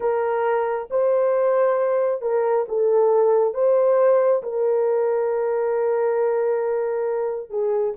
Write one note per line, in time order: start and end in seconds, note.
0.00 0.88 A#4
0.90 2.21 C5
2.21 2.65 A#4
2.68 3.54 A4
3.54 4.42 C5
4.42 7.50 A#4
7.50 7.94 G#4